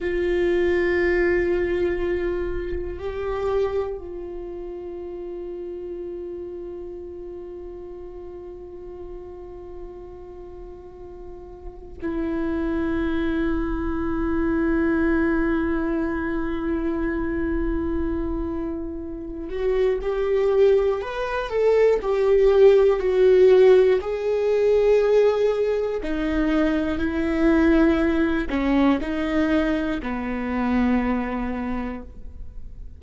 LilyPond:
\new Staff \with { instrumentName = "viola" } { \time 4/4 \tempo 4 = 60 f'2. g'4 | f'1~ | f'1 | e'1~ |
e'2.~ e'8 fis'8 | g'4 b'8 a'8 g'4 fis'4 | gis'2 dis'4 e'4~ | e'8 cis'8 dis'4 b2 | }